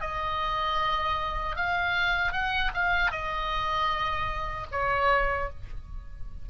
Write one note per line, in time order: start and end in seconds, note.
0.00 1.55 D#5
1.55 2.32 F5
2.32 2.71 F#5
2.73 3.11 F5
3.11 4.66 D#5
4.71 5.49 C#5